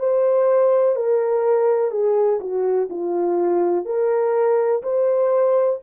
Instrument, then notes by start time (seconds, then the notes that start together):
horn
0.00 C5
0.96 A#4
1.91 G#4
2.41 F#4
2.90 F4
3.86 A#4
4.83 C5